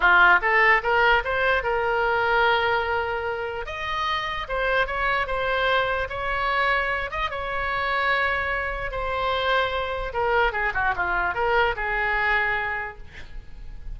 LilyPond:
\new Staff \with { instrumentName = "oboe" } { \time 4/4 \tempo 4 = 148 f'4 a'4 ais'4 c''4 | ais'1~ | ais'4 dis''2 c''4 | cis''4 c''2 cis''4~ |
cis''4. dis''8 cis''2~ | cis''2 c''2~ | c''4 ais'4 gis'8 fis'8 f'4 | ais'4 gis'2. | }